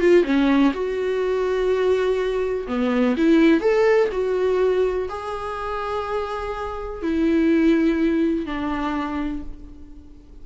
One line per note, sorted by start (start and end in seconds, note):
0.00 0.24 F4
0.24 0.72 C#4
0.73 2.67 F#4
2.67 3.16 B3
3.17 3.60 E4
3.60 4.09 A4
4.12 5.08 F#4
5.09 7.02 G#4
7.02 8.46 E4
8.46 9.42 D4